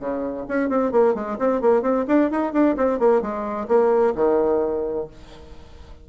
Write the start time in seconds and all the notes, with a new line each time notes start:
0.00 C#3
0.48 C#4
0.70 C4
0.92 A#3
1.15 G#3
1.39 C4
1.62 A#3
1.82 C4
2.08 D4
2.31 D#4
2.53 D4
2.77 C4
3.00 A#3
3.22 G#3
3.68 A#3
4.15 D#3